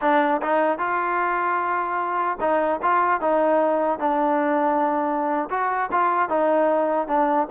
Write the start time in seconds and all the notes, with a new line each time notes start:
0.01 D4
0.42 D#4
0.78 F4
2.40 D#4
2.82 F4
3.20 D#4
3.99 D4
5.50 F#4
5.91 F4
6.29 D#4
7.07 D4